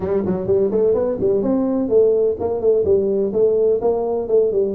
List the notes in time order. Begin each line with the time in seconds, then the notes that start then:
0.00 G3
0.25 F#3
0.47 G3
0.71 A3
0.94 B3
1.20 G3
1.42 C4
1.89 A3
2.39 A#3
2.60 A3
2.84 G3
3.32 A3
3.81 A#3
4.28 A3
4.52 G3